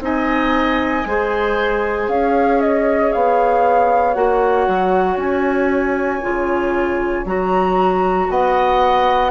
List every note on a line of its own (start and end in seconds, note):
0.00 1.03 C4
0.00 1.05 D#4
0.00 1.08 D#5
0.00 2.09 G#5
1.05 2.08 G#3
1.05 4.15 G#4
1.05 2.11 C5
2.08 3.11 C#4
2.08 8.31 C#5
2.08 2.61 F5
2.61 3.12 D#5
3.12 4.16 B3
3.12 4.14 F5
4.14 4.67 A#3
4.14 6.22 F#4
4.14 5.17 F#5
4.68 5.17 F#3
5.17 6.20 C#4
5.17 7.26 G#5
6.22 7.25 C#3
6.22 7.26 F4
7.25 8.28 F#3
7.25 9.31 F#4
7.25 8.30 A#5
8.30 9.31 B3
8.30 9.31 D#5
8.30 9.31 F#5